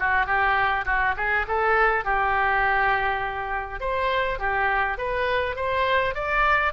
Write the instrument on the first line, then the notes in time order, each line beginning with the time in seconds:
oboe
0.00 F#4
0.27 G4
0.86 F#4
1.17 G#4
1.48 A4
2.05 G4
3.81 C5
4.40 G4
4.98 B4
5.56 C5
6.15 D5